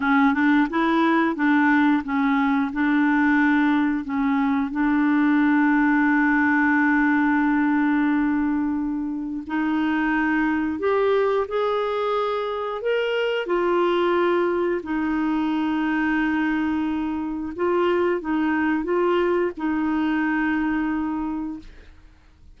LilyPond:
\new Staff \with { instrumentName = "clarinet" } { \time 4/4 \tempo 4 = 89 cis'8 d'8 e'4 d'4 cis'4 | d'2 cis'4 d'4~ | d'1~ | d'2 dis'2 |
g'4 gis'2 ais'4 | f'2 dis'2~ | dis'2 f'4 dis'4 | f'4 dis'2. | }